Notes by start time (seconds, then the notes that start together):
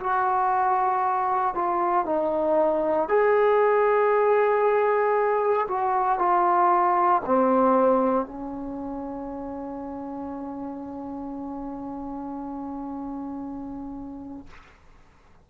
0.00 F#4
1.55 F4
2.05 D#4
3.08 G#4
5.68 F#4
6.18 F4
7.26 C4
8.26 C#4